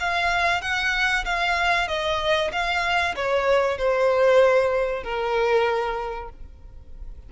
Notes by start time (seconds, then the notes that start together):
0.00 F5
0.61 F#5
1.25 F5
1.88 D#5
2.52 F5
3.16 C#5
3.78 C5
5.03 A#4